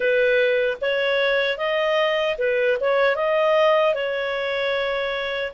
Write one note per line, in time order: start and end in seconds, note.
0.00 0.77 B4
0.81 1.57 C#5
1.57 2.36 D#5
2.38 2.77 B4
2.80 3.15 C#5
3.15 3.94 D#5
3.94 5.52 C#5